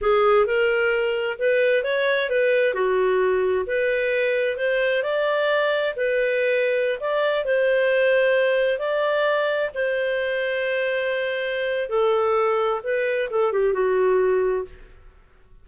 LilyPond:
\new Staff \with { instrumentName = "clarinet" } { \time 4/4 \tempo 4 = 131 gis'4 ais'2 b'4 | cis''4 b'4 fis'2 | b'2 c''4 d''4~ | d''4 b'2~ b'16 d''8.~ |
d''16 c''2. d''8.~ | d''4~ d''16 c''2~ c''8.~ | c''2 a'2 | b'4 a'8 g'8 fis'2 | }